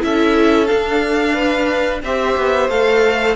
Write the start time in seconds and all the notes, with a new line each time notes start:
0.00 C#4 E4 A4 E5
0.67 D4 F5
1.34 B4
2.03 C4 G4 C5 E5
2.37 B3
2.69 A3 A4 F5